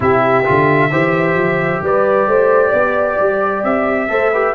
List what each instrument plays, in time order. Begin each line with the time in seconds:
0.00 tuba C3, trombone E4, horn G4, trumpet E5
0.44 tuba D3, trombone F4
0.90 tuba E3, trombone G4, horn C5
1.34 tuba F3
1.81 tuba G3, horn B4, trumpet D5
2.27 tuba A3, horn C5
2.68 tuba B3, horn D5
3.20 tuba G3
3.63 tuba C4, trumpet E5
4.08 tuba A3, trombone A4, horn C5
4.32 trombone G4, horn B4